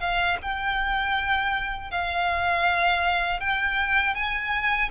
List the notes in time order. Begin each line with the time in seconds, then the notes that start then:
0.00 F5
0.42 G5
1.91 F5
3.40 G5
4.15 G#5